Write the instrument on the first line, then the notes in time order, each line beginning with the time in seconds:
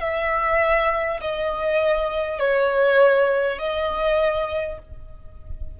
violin
0.00 E5
1.21 D#5
2.39 C#5
3.58 D#5